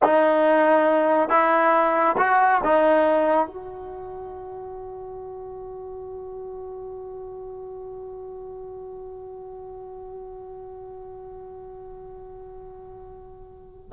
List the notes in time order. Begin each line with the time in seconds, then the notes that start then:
0.02 D#4
1.29 E4
2.17 F#4
2.64 D#4
3.47 F#4